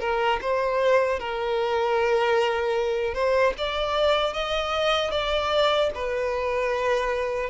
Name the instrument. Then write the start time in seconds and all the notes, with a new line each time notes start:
violin
0.00 A#4
0.41 C5
1.19 A#4
3.14 C5
3.58 D5
4.33 D#5
5.11 D5
5.95 B4